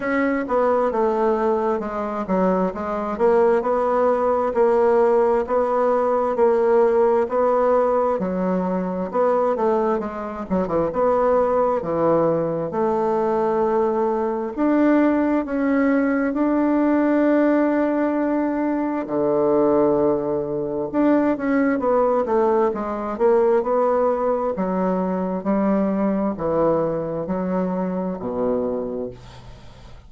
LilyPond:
\new Staff \with { instrumentName = "bassoon" } { \time 4/4 \tempo 4 = 66 cis'8 b8 a4 gis8 fis8 gis8 ais8 | b4 ais4 b4 ais4 | b4 fis4 b8 a8 gis8 fis16 e16 | b4 e4 a2 |
d'4 cis'4 d'2~ | d'4 d2 d'8 cis'8 | b8 a8 gis8 ais8 b4 fis4 | g4 e4 fis4 b,4 | }